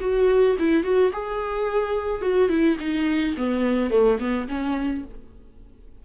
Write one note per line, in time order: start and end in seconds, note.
0.00 0.56 F#4
0.59 0.83 E4
0.83 1.11 F#4
1.12 2.21 G#4
2.21 2.49 F#4
2.49 2.77 E4
2.79 3.35 D#4
3.37 3.90 B3
3.90 4.18 A3
4.19 4.47 B3
4.48 5.04 C#4